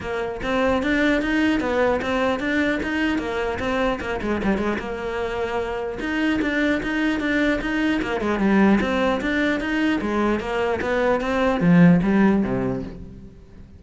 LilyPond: \new Staff \with { instrumentName = "cello" } { \time 4/4 \tempo 4 = 150 ais4 c'4 d'4 dis'4 | b4 c'4 d'4 dis'4 | ais4 c'4 ais8 gis8 g8 gis8 | ais2. dis'4 |
d'4 dis'4 d'4 dis'4 | ais8 gis8 g4 c'4 d'4 | dis'4 gis4 ais4 b4 | c'4 f4 g4 c4 | }